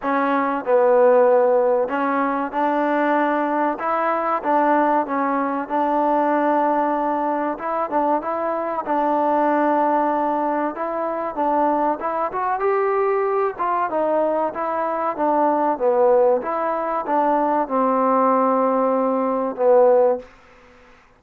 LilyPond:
\new Staff \with { instrumentName = "trombone" } { \time 4/4 \tempo 4 = 95 cis'4 b2 cis'4 | d'2 e'4 d'4 | cis'4 d'2. | e'8 d'8 e'4 d'2~ |
d'4 e'4 d'4 e'8 fis'8 | g'4. f'8 dis'4 e'4 | d'4 b4 e'4 d'4 | c'2. b4 | }